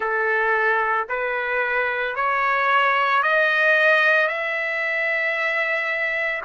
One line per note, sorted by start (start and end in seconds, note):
0.00 1.07 A4
1.08 2.15 B4
2.15 3.22 C#5
3.22 4.27 D#5
4.27 6.41 E5